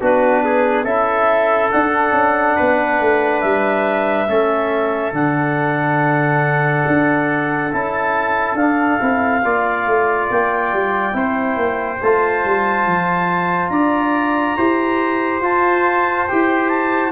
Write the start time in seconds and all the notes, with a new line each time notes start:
0.00 B3 D4 F#4 B4
0.44 G#4
0.84 C#4 E4 A4 E5
1.71 D4 F#5
2.12 C#4
2.56 B3 B4
3.00 A3
3.40 G3 E5
4.27 A3 C#4 A4
5.12 D3 D4 F#5
6.87 D4
7.71 C#4 E4 A5
8.54 D4 F5
8.99 C4 E4
9.43 A#3 F4 D5
9.87 A3
10.30 A#3 G5
10.72 G3
11.12 C4 E4 C5
11.56 A#3
12.02 A3 F4 A5
12.45 G3
12.86 F3
13.68 D4 D5 A#5
14.57 E4 G4 C5
15.40 F4 A5
16.27 E4 G4 G5
16.69 A5